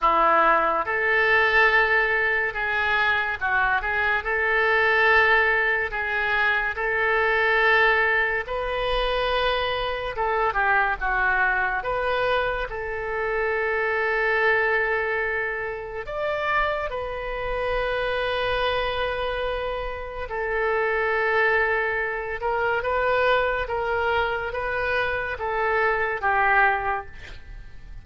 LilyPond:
\new Staff \with { instrumentName = "oboe" } { \time 4/4 \tempo 4 = 71 e'4 a'2 gis'4 | fis'8 gis'8 a'2 gis'4 | a'2 b'2 | a'8 g'8 fis'4 b'4 a'4~ |
a'2. d''4 | b'1 | a'2~ a'8 ais'8 b'4 | ais'4 b'4 a'4 g'4 | }